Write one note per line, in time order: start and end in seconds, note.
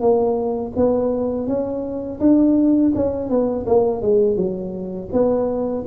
0.00 0.72 A#3
0.76 1.47 B3
1.47 2.19 C#4
2.20 2.92 D4
2.95 3.29 C#4
3.29 3.65 B3
3.66 4.02 A#3
4.02 4.36 G#3
4.36 5.09 F#3
5.12 5.85 B3